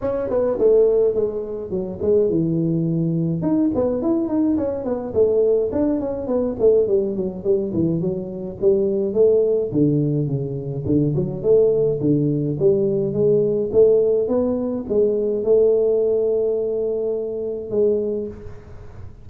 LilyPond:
\new Staff \with { instrumentName = "tuba" } { \time 4/4 \tempo 4 = 105 cis'8 b8 a4 gis4 fis8 gis8 | e2 dis'8 b8 e'8 dis'8 | cis'8 b8 a4 d'8 cis'8 b8 a8 | g8 fis8 g8 e8 fis4 g4 |
a4 d4 cis4 d8 fis8 | a4 d4 g4 gis4 | a4 b4 gis4 a4~ | a2. gis4 | }